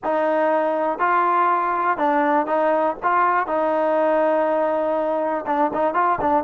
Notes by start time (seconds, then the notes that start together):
0.04 D#4
0.98 F4
1.97 D4
2.46 D#4
3.02 F4
3.46 D#4
5.46 D4
5.73 D#4
5.94 F4
6.20 D4